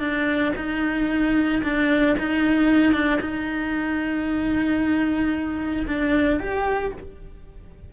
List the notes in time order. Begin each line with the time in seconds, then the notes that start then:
0.00 D4
0.56 D#4
1.63 D4
2.19 D#4
2.93 D4
3.21 D#4
5.87 D4
6.40 G4